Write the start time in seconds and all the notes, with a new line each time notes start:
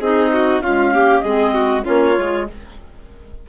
0.00 C4 D#4 G#4 D#5
0.33 F#4
0.61 G#3 C#4 F4 F5
0.93 A#3 G4
1.19 G#3 G#4 D#5
1.26 C4
1.54 F#4
1.83 A#3 C#4 F4 C#5
2.16 G#3 F4